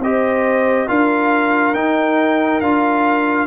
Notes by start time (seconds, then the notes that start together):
0.00 C4 G4 C5 D#5
0.88 D4 F4 A#4 F5
1.74 D#4 G5
2.61 D4 F4 F5